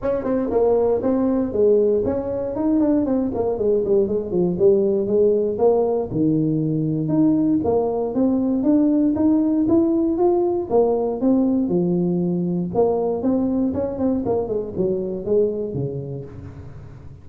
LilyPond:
\new Staff \with { instrumentName = "tuba" } { \time 4/4 \tempo 4 = 118 cis'8 c'8 ais4 c'4 gis4 | cis'4 dis'8 d'8 c'8 ais8 gis8 g8 | gis8 f8 g4 gis4 ais4 | dis2 dis'4 ais4 |
c'4 d'4 dis'4 e'4 | f'4 ais4 c'4 f4~ | f4 ais4 c'4 cis'8 c'8 | ais8 gis8 fis4 gis4 cis4 | }